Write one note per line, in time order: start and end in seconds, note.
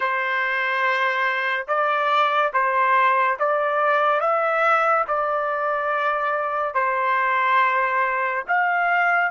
0.00 1.66 C5
1.67 2.52 D5
2.53 3.37 C5
3.39 4.20 D5
4.20 5.05 E5
5.07 6.74 D5
6.74 8.43 C5
8.47 9.30 F5